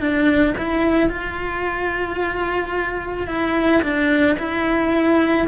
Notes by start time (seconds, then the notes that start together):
0.00 D4
0.58 E4
1.09 F4
3.27 E4
3.82 D4
4.38 E4